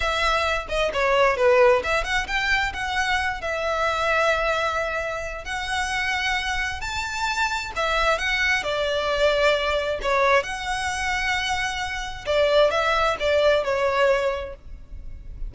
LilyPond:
\new Staff \with { instrumentName = "violin" } { \time 4/4 \tempo 4 = 132 e''4. dis''8 cis''4 b'4 | e''8 fis''8 g''4 fis''4. e''8~ | e''1 | fis''2. a''4~ |
a''4 e''4 fis''4 d''4~ | d''2 cis''4 fis''4~ | fis''2. d''4 | e''4 d''4 cis''2 | }